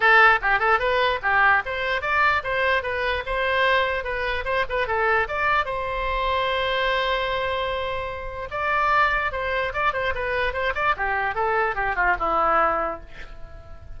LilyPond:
\new Staff \with { instrumentName = "oboe" } { \time 4/4 \tempo 4 = 148 a'4 g'8 a'8 b'4 g'4 | c''4 d''4 c''4 b'4 | c''2 b'4 c''8 b'8 | a'4 d''4 c''2~ |
c''1~ | c''4 d''2 c''4 | d''8 c''8 b'4 c''8 d''8 g'4 | a'4 g'8 f'8 e'2 | }